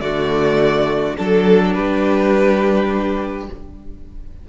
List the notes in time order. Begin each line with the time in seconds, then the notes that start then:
0.00 D3 A3 F#4 D5
1.16 F#3 D4 A4
1.74 G3 G4 B4